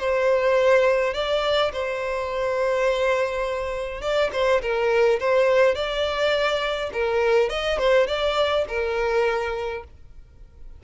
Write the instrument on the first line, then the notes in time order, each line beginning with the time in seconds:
violin
0.00 C5
1.14 D5
1.73 C5
4.02 D5
4.33 C5
4.62 A#4
5.20 C5
5.75 D5
6.93 A#4
7.50 D#5
7.79 C5
8.08 D5
8.69 A#4